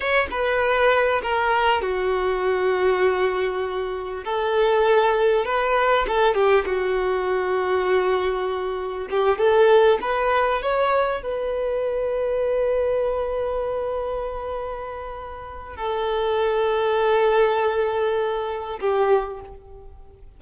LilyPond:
\new Staff \with { instrumentName = "violin" } { \time 4/4 \tempo 4 = 99 cis''8 b'4. ais'4 fis'4~ | fis'2. a'4~ | a'4 b'4 a'8 g'8 fis'4~ | fis'2. g'8 a'8~ |
a'8 b'4 cis''4 b'4.~ | b'1~ | b'2 a'2~ | a'2. g'4 | }